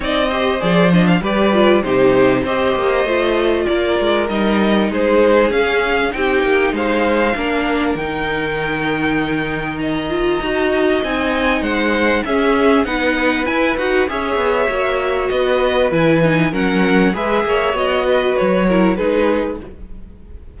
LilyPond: <<
  \new Staff \with { instrumentName = "violin" } { \time 4/4 \tempo 4 = 98 dis''4 d''8 dis''16 f''16 d''4 c''4 | dis''2 d''4 dis''4 | c''4 f''4 g''4 f''4~ | f''4 g''2. |
ais''2 gis''4 fis''4 | e''4 fis''4 gis''8 fis''8 e''4~ | e''4 dis''4 gis''4 fis''4 | e''4 dis''4 cis''4 b'4 | }
  \new Staff \with { instrumentName = "violin" } { \time 4/4 d''8 c''4. b'4 g'4 | c''2 ais'2 | gis'2 g'4 c''4 | ais'1 |
dis''2. c''4 | gis'4 b'2 cis''4~ | cis''4 b'2 ais'4 | b'8 cis''4 b'4 ais'8 gis'4 | }
  \new Staff \with { instrumentName = "viola" } { \time 4/4 dis'8 g'8 gis'8 d'8 g'8 f'8 dis'4 | g'4 f'2 dis'4~ | dis'4 cis'4 dis'2 | d'4 dis'2.~ |
dis'8 f'8 fis'4 dis'2 | cis'4 dis'4 e'8 fis'8 gis'4 | fis'2 e'8 dis'8 cis'4 | gis'4 fis'4. e'8 dis'4 | }
  \new Staff \with { instrumentName = "cello" } { \time 4/4 c'4 f4 g4 c4 | c'8 ais8 a4 ais8 gis8 g4 | gis4 cis'4 c'8 ais8 gis4 | ais4 dis2.~ |
dis4 dis'4 c'4 gis4 | cis'4 b4 e'8 dis'8 cis'8 b8 | ais4 b4 e4 fis4 | gis8 ais8 b4 fis4 gis4 | }
>>